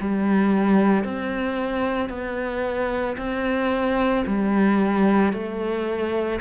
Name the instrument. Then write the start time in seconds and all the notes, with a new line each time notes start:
cello
0.00 G3
1.04 C4
2.09 B3
3.17 C4
4.26 G3
5.33 A3